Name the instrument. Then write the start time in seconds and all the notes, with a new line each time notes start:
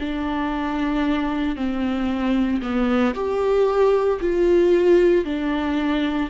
viola
0.00 D4
1.56 C4
2.62 B3
3.15 G4
4.21 F4
5.25 D4